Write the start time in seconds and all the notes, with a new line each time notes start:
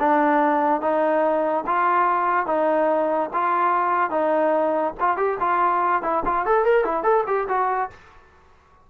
0.00 D4
0.81 D#4
1.67 F4
2.47 D#4
3.33 F4
4.11 D#4
5.00 F4
5.17 G4
5.40 F4
6.03 E4
6.25 F4
6.46 A4
6.65 A#4
6.85 E4
7.03 A4
7.27 G4
7.48 F#4